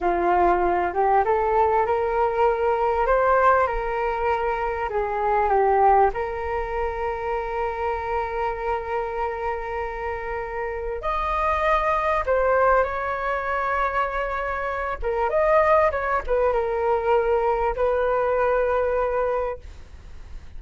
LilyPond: \new Staff \with { instrumentName = "flute" } { \time 4/4 \tempo 4 = 98 f'4. g'8 a'4 ais'4~ | ais'4 c''4 ais'2 | gis'4 g'4 ais'2~ | ais'1~ |
ais'2 dis''2 | c''4 cis''2.~ | cis''8 ais'8 dis''4 cis''8 b'8 ais'4~ | ais'4 b'2. | }